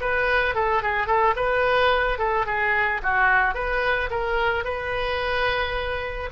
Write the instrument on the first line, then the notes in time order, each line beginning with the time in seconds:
oboe
0.00 B4
0.55 A4
0.82 G#4
1.07 A4
1.36 B4
2.18 A4
2.46 G#4
3.03 F#4
3.54 B4
4.10 A#4
4.64 B4